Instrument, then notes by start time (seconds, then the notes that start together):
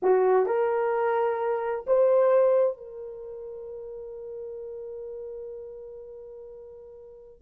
horn
0.02 F#4
0.45 A#4
1.86 C5
2.77 A#4